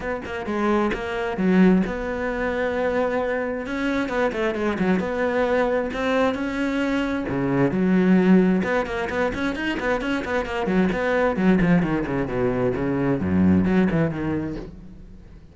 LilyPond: \new Staff \with { instrumentName = "cello" } { \time 4/4 \tempo 4 = 132 b8 ais8 gis4 ais4 fis4 | b1 | cis'4 b8 a8 gis8 fis8 b4~ | b4 c'4 cis'2 |
cis4 fis2 b8 ais8 | b8 cis'8 dis'8 b8 cis'8 b8 ais8 fis8 | b4 fis8 f8 dis8 cis8 b,4 | cis4 fis,4 fis8 e8 dis4 | }